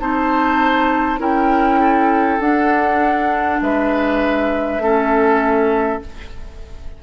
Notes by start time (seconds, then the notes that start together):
0.00 C4 D#4 C5 A5
1.19 C#4 E4 A#4 G5
1.80 A4
2.40 D4 F#5
3.62 G#3 B4 E5
4.79 A3 C#4 A4